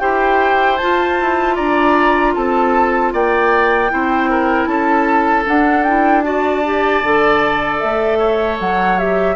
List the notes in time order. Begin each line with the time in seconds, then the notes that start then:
0.00 E4 G4 C5 G5
0.77 F4 A5
0.84 F4
1.21 E4
1.56 D4 D5 A#5
2.35 C4 A4 A5
3.14 A#3 D5 G5
3.90 C4 E4 C5
4.30 A#4
4.67 C#4 A4 A5
5.45 D4 F#5
5.84 E4 G5
6.22 F#4 D5 A5
6.65 G4
7.04 D3 A4
7.80 A3 E5
8.19 C#5
8.60 F#3 F#5
8.99 G4 E5